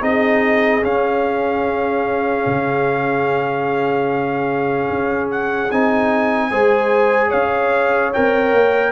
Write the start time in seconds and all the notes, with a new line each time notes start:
0.00 C4 D#4 G#4 D#5
0.82 C#4 F5
2.46 C#3
4.90 C#4
5.31 F#5
5.71 C4 D#4 G#5
6.50 G#3 G#4 C5
7.28 C#4 C#5 F5
8.13 C4 A#4 G5
8.53 A#3